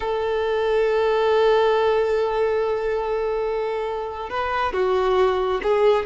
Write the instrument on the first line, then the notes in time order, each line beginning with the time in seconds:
violin
0.00 A4
4.29 B4
4.72 F#4
5.62 G#4